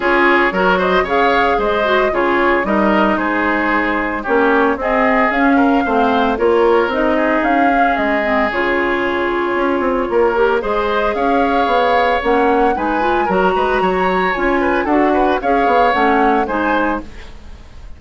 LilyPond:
<<
  \new Staff \with { instrumentName = "flute" } { \time 4/4 \tempo 4 = 113 cis''4. dis''8 f''4 dis''4 | cis''4 dis''4 c''2 | cis''4 dis''4 f''2 | cis''4 dis''4 f''4 dis''4 |
cis''1 | dis''4 f''2 fis''4 | gis''4 ais''2 gis''4 | fis''4 f''4 fis''4 gis''4 | }
  \new Staff \with { instrumentName = "oboe" } { \time 4/4 gis'4 ais'8 c''8 cis''4 c''4 | gis'4 ais'4 gis'2 | g'4 gis'4. ais'8 c''4 | ais'4. gis'2~ gis'8~ |
gis'2. ais'4 | c''4 cis''2. | b'4 ais'8 b'8 cis''4. b'8 | a'8 b'8 cis''2 c''4 | }
  \new Staff \with { instrumentName = "clarinet" } { \time 4/4 f'4 fis'4 gis'4. fis'8 | f'4 dis'2. | cis'4 c'4 cis'4 c'4 | f'4 dis'4. cis'4 c'8 |
f'2.~ f'8 g'8 | gis'2. cis'4 | dis'8 f'8 fis'2 f'4 | fis'4 gis'4 cis'4 dis'4 | }
  \new Staff \with { instrumentName = "bassoon" } { \time 4/4 cis'4 fis4 cis4 gis4 | cis4 g4 gis2 | ais4 c'4 cis'4 a4 | ais4 c'4 cis'4 gis4 |
cis2 cis'8 c'8 ais4 | gis4 cis'4 b4 ais4 | gis4 fis8 gis8 fis4 cis'4 | d'4 cis'8 b8 a4 gis4 | }
>>